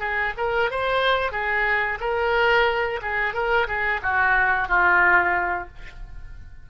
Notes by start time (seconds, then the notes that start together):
0.00 G#4
0.37 A#4
0.71 C5
1.32 G#4
2.00 A#4
3.02 G#4
3.34 A#4
3.67 G#4
4.02 F#4
4.68 F4